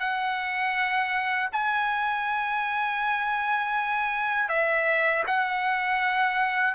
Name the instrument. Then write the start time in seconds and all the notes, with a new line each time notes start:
trumpet
0.00 F#5
1.53 G#5
4.49 E5
5.27 F#5